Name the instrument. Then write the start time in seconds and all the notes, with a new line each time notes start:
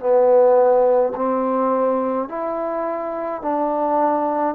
trombone
0.00 B3
1.16 C4
2.29 E4
3.42 D4